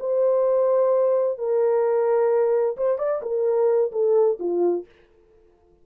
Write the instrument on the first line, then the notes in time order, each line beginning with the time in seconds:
horn
0.00 C5
1.38 A#4
2.77 C5
2.99 D5
3.22 A#4
3.92 A4
4.40 F4